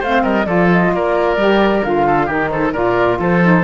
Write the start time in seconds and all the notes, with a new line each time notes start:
0.00 A3 C4 C5 F5
0.23 G3 A#4 D#5
0.46 F3 F4 A4 D5
0.72 D#5
0.93 A#3 A#4 D5
1.37 G3 G4
1.84 D3 F4 F5
2.07 A4
2.27 D#3 D#4 G4 A#4
2.51 A4 C5
2.73 A#2 F4 A#4 D5
3.19 F3 A4 C5
3.43 D#4